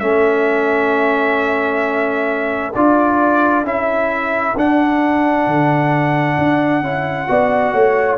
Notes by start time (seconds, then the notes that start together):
0.00 A3 C#4 A4 E5
2.75 D4 F4 D5
3.63 C#4 E4 E5
4.57 D4 F#5
5.47 D3
6.38 D4
6.82 C#4 E4
7.28 B3 F#4 D5
7.74 A3 C#5